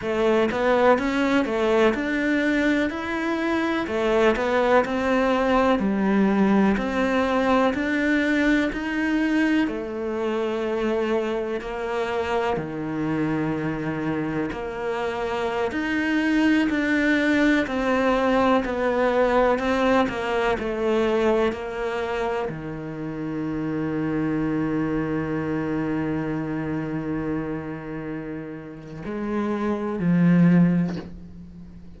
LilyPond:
\new Staff \with { instrumentName = "cello" } { \time 4/4 \tempo 4 = 62 a8 b8 cis'8 a8 d'4 e'4 | a8 b8 c'4 g4 c'4 | d'4 dis'4 a2 | ais4 dis2 ais4~ |
ais16 dis'4 d'4 c'4 b8.~ | b16 c'8 ais8 a4 ais4 dis8.~ | dis1~ | dis2 gis4 f4 | }